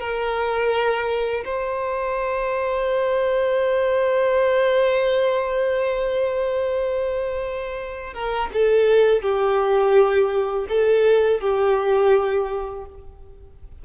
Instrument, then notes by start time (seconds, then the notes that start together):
violin
0.00 A#4
1.46 C5
8.14 A#4
8.54 A4
9.23 G4
10.69 A4
11.41 G4